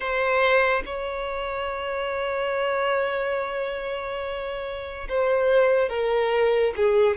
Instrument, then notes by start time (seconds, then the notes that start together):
violin
0.00 C5
0.85 C#5
5.09 C5
5.89 A#4
6.76 G#4